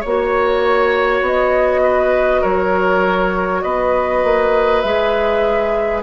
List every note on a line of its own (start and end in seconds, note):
0.00 1.21 A#3
0.00 4.84 F#4
0.00 1.80 C#5
0.00 1.25 C#5
1.21 2.41 B3
1.21 2.43 D#5
1.82 2.41 B4
2.41 3.63 F#3
2.41 3.61 A#4
2.41 3.62 C#5
3.62 4.23 B3
3.62 6.03 B4
3.62 4.80 D#5
4.24 4.83 A#3
4.80 6.03 G#3
4.80 6.03 G#4
4.80 6.00 E5